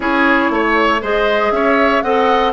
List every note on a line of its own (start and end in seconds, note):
0.00 0.50 C#4
0.00 0.99 E4
0.00 0.51 G#4
0.00 1.00 C#5
0.50 1.01 A3
0.50 1.01 C#5
1.01 1.51 G#3
1.01 2.04 G#4
1.01 1.52 C5
1.01 1.51 D#5
1.51 2.02 C#4
1.51 2.03 C#5
1.51 2.02 E5
2.02 2.53 C4
2.02 2.53 A4
2.02 2.53 D#5
2.02 2.52 F#5